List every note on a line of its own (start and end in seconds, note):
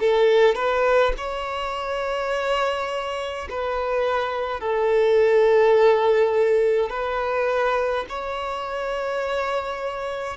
0.00 0.55 A4
0.55 1.13 B4
1.18 3.49 C#5
3.50 4.60 B4
4.60 6.90 A4
6.90 8.06 B4
8.09 10.37 C#5